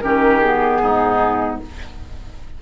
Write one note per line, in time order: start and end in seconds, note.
0.00 0.82 D#3
0.00 0.42 C#4
0.00 0.82 G4
0.00 0.38 A#4
0.38 1.62 B3
0.38 1.57 G#4
0.82 1.61 G#2
0.82 1.61 D#4